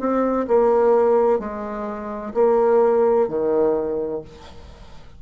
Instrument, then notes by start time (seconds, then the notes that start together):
bassoon
0.00 C4
0.48 A#3
1.39 G#3
2.34 A#3
3.28 D#3